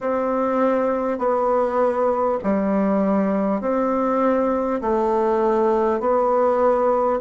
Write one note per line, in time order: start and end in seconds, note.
0.01 1.18 C4
1.18 2.38 B3
2.43 3.61 G3
3.61 4.81 C4
4.81 5.99 A3
5.99 7.19 B3